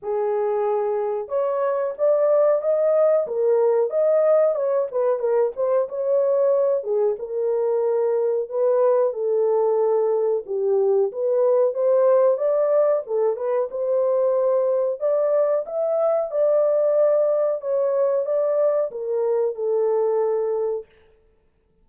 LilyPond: \new Staff \with { instrumentName = "horn" } { \time 4/4 \tempo 4 = 92 gis'2 cis''4 d''4 | dis''4 ais'4 dis''4 cis''8 b'8 | ais'8 c''8 cis''4. gis'8 ais'4~ | ais'4 b'4 a'2 |
g'4 b'4 c''4 d''4 | a'8 b'8 c''2 d''4 | e''4 d''2 cis''4 | d''4 ais'4 a'2 | }